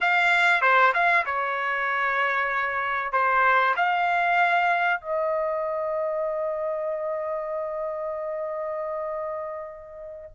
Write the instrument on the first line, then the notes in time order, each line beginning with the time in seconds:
trumpet
0.00 F5
0.61 C5
0.94 F5
1.25 C#5
3.12 C5
3.76 F5
5.00 D#5